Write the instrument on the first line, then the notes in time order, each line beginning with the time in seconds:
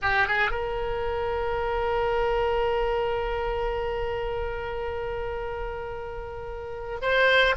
oboe
0.01 G4
0.27 G#4
0.50 A#4
7.01 C5